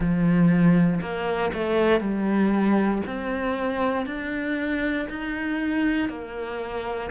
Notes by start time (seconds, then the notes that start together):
0.00 F3
1.01 A#3
1.53 A3
2.00 G3
3.06 C4
4.06 D4
5.09 D#4
6.08 A#3